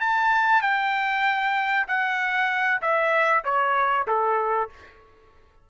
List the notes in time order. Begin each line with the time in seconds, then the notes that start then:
0.00 A5
0.62 G5
1.88 F#5
2.82 E5
3.44 C#5
4.07 A4